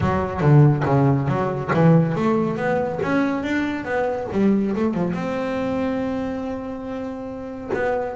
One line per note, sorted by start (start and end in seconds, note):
0.00 0.41 F#3
0.41 0.83 D3
0.85 1.28 C#3
1.28 1.70 F#3
1.73 2.15 E3
2.15 2.57 A3
2.57 2.99 B3
3.02 3.43 C#4
3.43 3.84 D4
3.84 4.27 B3
4.32 4.75 G3
4.75 4.94 A3
4.94 5.13 F3
5.13 7.70 C4
7.73 8.15 B3